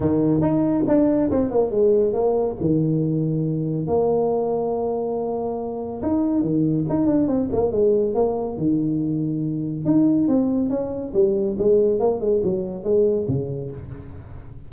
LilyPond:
\new Staff \with { instrumentName = "tuba" } { \time 4/4 \tempo 4 = 140 dis4 dis'4 d'4 c'8 ais8 | gis4 ais4 dis2~ | dis4 ais2.~ | ais2 dis'4 dis4 |
dis'8 d'8 c'8 ais8 gis4 ais4 | dis2. dis'4 | c'4 cis'4 g4 gis4 | ais8 gis8 fis4 gis4 cis4 | }